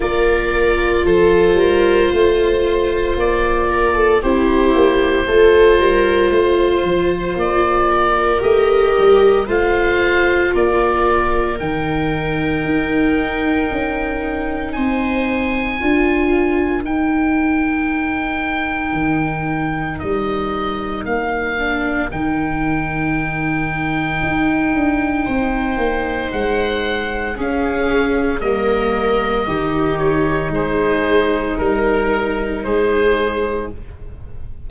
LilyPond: <<
  \new Staff \with { instrumentName = "oboe" } { \time 4/4 \tempo 4 = 57 d''4 c''2 d''4 | c''2. d''4 | dis''4 f''4 d''4 g''4~ | g''2 gis''2 |
g''2. dis''4 | f''4 g''2.~ | g''4 fis''4 f''4 dis''4~ | dis''8 cis''8 c''4 ais'4 c''4 | }
  \new Staff \with { instrumentName = "viola" } { \time 4/4 ais'4 a'8 ais'8 c''4. ais'16 a'16 | g'4 a'8 ais'8 c''4. ais'8~ | ais'4 c''4 ais'2~ | ais'2 c''4 ais'4~ |
ais'1~ | ais'1 | c''2 gis'4 ais'4 | g'4 gis'4 ais'4 gis'4 | }
  \new Staff \with { instrumentName = "viola" } { \time 4/4 f'1 | e'4 f'2. | g'4 f'2 dis'4~ | dis'2. f'4 |
dis'1~ | dis'8 d'8 dis'2.~ | dis'2 cis'4 ais4 | dis'1 | }
  \new Staff \with { instrumentName = "tuba" } { \time 4/4 ais4 f8 g8 a4 ais4 | c'8 ais8 a8 g8 a8 f8 ais4 | a8 g8 a4 ais4 dis4 | dis'4 cis'4 c'4 d'4 |
dis'2 dis4 g4 | ais4 dis2 dis'8 d'8 | c'8 ais8 gis4 cis'4 g4 | dis4 gis4 g4 gis4 | }
>>